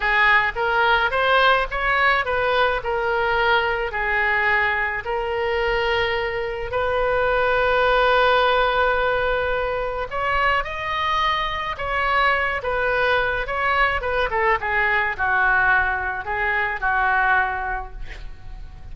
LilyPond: \new Staff \with { instrumentName = "oboe" } { \time 4/4 \tempo 4 = 107 gis'4 ais'4 c''4 cis''4 | b'4 ais'2 gis'4~ | gis'4 ais'2. | b'1~ |
b'2 cis''4 dis''4~ | dis''4 cis''4. b'4. | cis''4 b'8 a'8 gis'4 fis'4~ | fis'4 gis'4 fis'2 | }